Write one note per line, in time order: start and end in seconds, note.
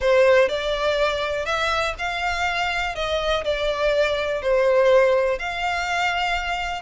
0.00 0.48 C5
0.48 1.45 D5
1.45 1.94 E5
1.98 2.95 F5
2.95 3.44 D#5
3.44 4.41 D5
4.41 5.38 C5
5.38 6.82 F5